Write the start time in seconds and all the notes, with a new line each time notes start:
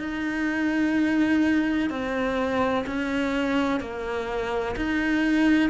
0.00 D#4
1.90 C4
2.87 C#4
3.81 A#3
4.76 D#4